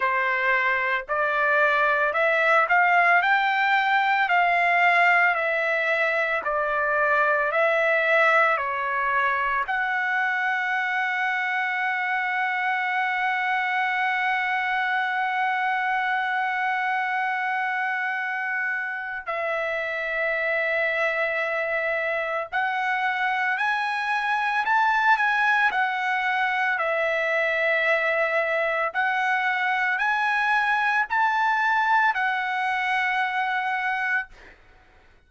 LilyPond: \new Staff \with { instrumentName = "trumpet" } { \time 4/4 \tempo 4 = 56 c''4 d''4 e''8 f''8 g''4 | f''4 e''4 d''4 e''4 | cis''4 fis''2.~ | fis''1~ |
fis''2 e''2~ | e''4 fis''4 gis''4 a''8 gis''8 | fis''4 e''2 fis''4 | gis''4 a''4 fis''2 | }